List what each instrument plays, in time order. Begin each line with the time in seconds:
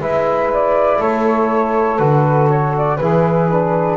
0.00 double bass G#3, trombone E4, saxophone B4, flute E5
0.53 flute D5
0.98 double bass A3, saxophone A4, flute C#5
1.99 double bass D3, trombone F#4, flute B4
2.50 flute C#5
2.78 flute D5
2.97 double bass E3, trombone E4, saxophone G#4, flute B4
3.51 trombone D4